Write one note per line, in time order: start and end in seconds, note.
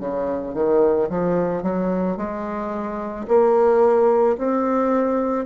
0.00 0.54 C#3
0.54 1.09 D#3
1.10 1.63 F3
1.63 2.17 F#3
2.17 3.26 G#3
3.28 4.37 A#3
4.38 5.45 C4